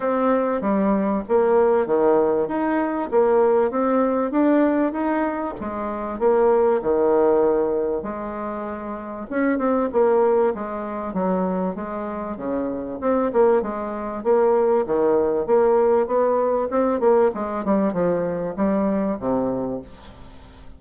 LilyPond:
\new Staff \with { instrumentName = "bassoon" } { \time 4/4 \tempo 4 = 97 c'4 g4 ais4 dis4 | dis'4 ais4 c'4 d'4 | dis'4 gis4 ais4 dis4~ | dis4 gis2 cis'8 c'8 |
ais4 gis4 fis4 gis4 | cis4 c'8 ais8 gis4 ais4 | dis4 ais4 b4 c'8 ais8 | gis8 g8 f4 g4 c4 | }